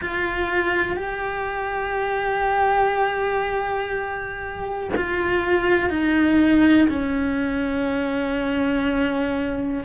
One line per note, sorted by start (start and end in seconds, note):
0.01 0.96 F4
0.96 4.89 G4
4.96 5.89 F4
5.89 6.88 D#4
6.89 9.84 C#4